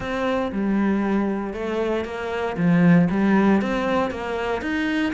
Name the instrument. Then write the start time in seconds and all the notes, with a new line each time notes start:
cello
0.00 C4
0.52 G3
1.53 A3
2.05 A#3
2.57 F3
3.10 G3
3.61 C4
4.10 A#3
4.61 D#4